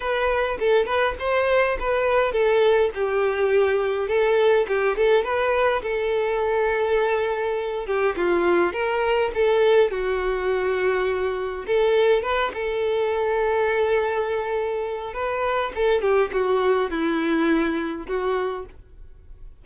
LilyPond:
\new Staff \with { instrumentName = "violin" } { \time 4/4 \tempo 4 = 103 b'4 a'8 b'8 c''4 b'4 | a'4 g'2 a'4 | g'8 a'8 b'4 a'2~ | a'4. g'8 f'4 ais'4 |
a'4 fis'2. | a'4 b'8 a'2~ a'8~ | a'2 b'4 a'8 g'8 | fis'4 e'2 fis'4 | }